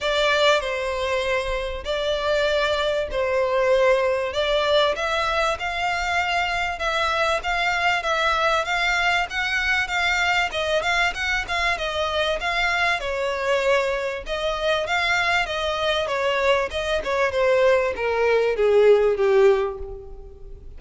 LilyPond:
\new Staff \with { instrumentName = "violin" } { \time 4/4 \tempo 4 = 97 d''4 c''2 d''4~ | d''4 c''2 d''4 | e''4 f''2 e''4 | f''4 e''4 f''4 fis''4 |
f''4 dis''8 f''8 fis''8 f''8 dis''4 | f''4 cis''2 dis''4 | f''4 dis''4 cis''4 dis''8 cis''8 | c''4 ais'4 gis'4 g'4 | }